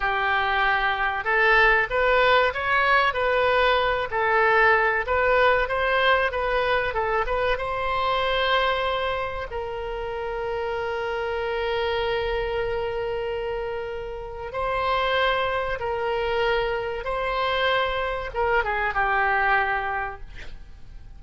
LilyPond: \new Staff \with { instrumentName = "oboe" } { \time 4/4 \tempo 4 = 95 g'2 a'4 b'4 | cis''4 b'4. a'4. | b'4 c''4 b'4 a'8 b'8 | c''2. ais'4~ |
ais'1~ | ais'2. c''4~ | c''4 ais'2 c''4~ | c''4 ais'8 gis'8 g'2 | }